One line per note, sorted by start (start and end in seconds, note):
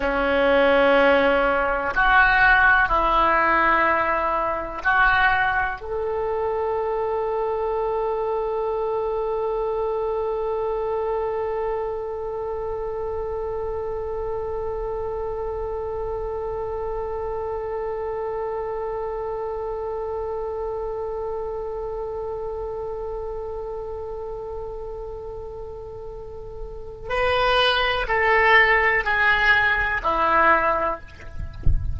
0.00 1.94 C#4
1.94 2.88 F#4
2.88 4.82 E4
4.83 5.80 F#4
5.80 27.09 A4
27.09 28.06 B4
28.07 29.04 A4
29.04 30.01 G#4
30.03 30.99 E4